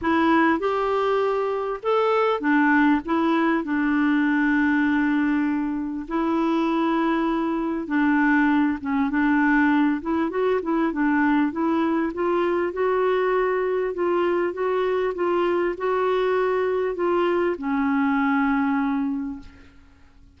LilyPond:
\new Staff \with { instrumentName = "clarinet" } { \time 4/4 \tempo 4 = 99 e'4 g'2 a'4 | d'4 e'4 d'2~ | d'2 e'2~ | e'4 d'4. cis'8 d'4~ |
d'8 e'8 fis'8 e'8 d'4 e'4 | f'4 fis'2 f'4 | fis'4 f'4 fis'2 | f'4 cis'2. | }